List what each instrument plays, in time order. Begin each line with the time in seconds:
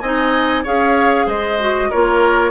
0.00 bassoon C4, clarinet D#4, oboe D#5, flute G#5
0.63 bassoon C#4, clarinet G#4, oboe C#5, flute F5
1.26 bassoon G#3, oboe C5, flute D#5
1.60 clarinet F#4
1.90 bassoon A#3, clarinet F4, oboe A#4, flute C#5